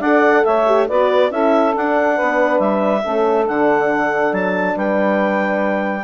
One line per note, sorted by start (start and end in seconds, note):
0.00 0.44 D4
0.00 0.67 A4
0.00 0.43 D5
0.00 0.45 F#5
0.45 0.90 A3
0.45 0.87 C#5
0.45 0.88 E5
0.67 0.88 G4
0.87 1.31 B3
0.87 1.31 F#4
0.87 1.30 B4
0.87 1.32 D5
1.31 1.74 C#4
1.31 1.73 E4
1.31 2.16 A4
1.31 1.75 E5
1.73 3.02 D4
1.73 2.21 D4
1.73 2.60 F#5
2.16 2.60 B3
2.16 3.02 B4
2.60 3.03 G3
2.60 3.46 E5
3.04 3.49 A3
3.04 3.45 C#4
3.04 4.76 A4
3.45 4.33 D3
3.45 6.04 D4
3.45 4.34 F#5
4.33 4.76 F#3
4.33 4.77 A5
4.76 6.04 G3
4.76 6.04 B4
4.76 6.04 G5